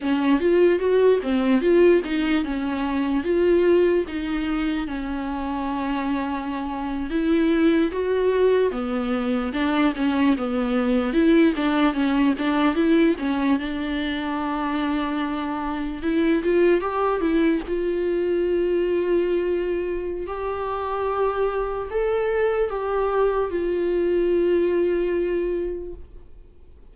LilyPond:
\new Staff \with { instrumentName = "viola" } { \time 4/4 \tempo 4 = 74 cis'8 f'8 fis'8 c'8 f'8 dis'8 cis'4 | f'4 dis'4 cis'2~ | cis'8. e'4 fis'4 b4 d'16~ | d'16 cis'8 b4 e'8 d'8 cis'8 d'8 e'16~ |
e'16 cis'8 d'2. e'16~ | e'16 f'8 g'8 e'8 f'2~ f'16~ | f'4 g'2 a'4 | g'4 f'2. | }